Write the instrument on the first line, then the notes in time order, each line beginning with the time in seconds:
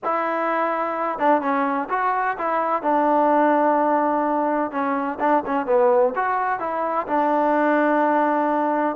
trombone
0.04 E4
1.19 D4
1.41 C#4
1.89 F#4
2.38 E4
2.82 D4
4.71 C#4
5.19 D4
5.45 C#4
5.66 B3
6.15 F#4
6.59 E4
7.07 D4